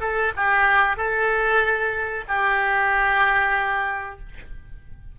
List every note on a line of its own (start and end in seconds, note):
0.00 0.32 A4
0.36 0.96 G4
0.96 2.24 A4
2.27 4.19 G4